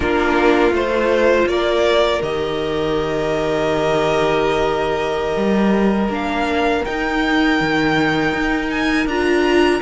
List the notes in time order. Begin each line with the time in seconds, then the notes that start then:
0.00 A#3 D4 F4 A#4
0.71 A3 F4 C5
1.46 A#3 A#4 D5
2.22 D#3 G4 D#5
5.36 G3
6.08 A#3 D4 F5
6.84 D#4 G5
7.60 D#3
8.32 D#4
8.69 G#5
9.06 D4 F4 A#5